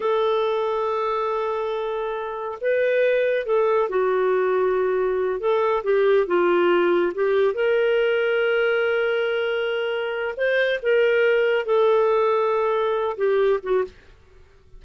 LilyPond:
\new Staff \with { instrumentName = "clarinet" } { \time 4/4 \tempo 4 = 139 a'1~ | a'2 b'2 | a'4 fis'2.~ | fis'8 a'4 g'4 f'4.~ |
f'8 g'4 ais'2~ ais'8~ | ais'1 | c''4 ais'2 a'4~ | a'2~ a'8 g'4 fis'8 | }